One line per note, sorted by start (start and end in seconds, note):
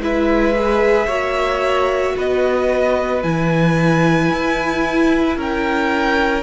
0.00 1.07 G#3
0.00 0.54 E4
0.00 1.06 B4
0.00 2.18 E5
0.54 1.08 G#4
1.06 2.15 A#3
1.06 3.22 F#4
1.06 2.14 C#5
2.17 3.23 B3
2.17 5.37 B4
2.17 3.23 D#5
3.23 4.31 E3
3.23 6.43 E4
3.23 5.37 G#5
4.31 5.37 E4
5.37 6.43 C#4
5.37 6.43 A#4
5.37 6.43 G5